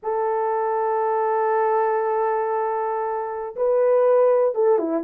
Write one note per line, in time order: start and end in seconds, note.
0.02 3.55 A4
3.56 4.54 B4
4.54 4.78 A4
4.78 5.03 E4